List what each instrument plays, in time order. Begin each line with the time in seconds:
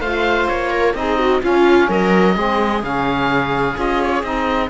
0.00 cello A3, saxophone F4, viola C5, oboe F5
0.48 cello A#3, oboe C#5
0.71 viola A#4
0.95 cello C4, saxophone D#4, viola G#4, oboe D#5
1.19 viola F#4
1.43 saxophone C#4, cello C#4, viola F4, oboe F5
1.89 cello F#3, viola A#4, oboe D#5
2.35 cello G#3, saxophone C4, viola G#4
2.83 cello C#3, saxophone C#4, oboe F5
3.75 cello C#4, saxophone F4, oboe D#5
4.03 oboe C#5
4.23 cello C4, saxophone D#4, oboe D#5